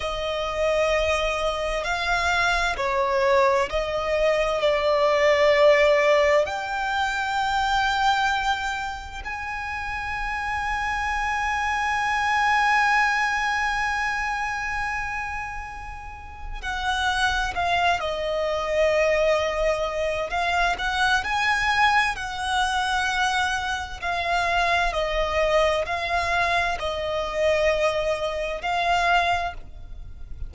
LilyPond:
\new Staff \with { instrumentName = "violin" } { \time 4/4 \tempo 4 = 65 dis''2 f''4 cis''4 | dis''4 d''2 g''4~ | g''2 gis''2~ | gis''1~ |
gis''2 fis''4 f''8 dis''8~ | dis''2 f''8 fis''8 gis''4 | fis''2 f''4 dis''4 | f''4 dis''2 f''4 | }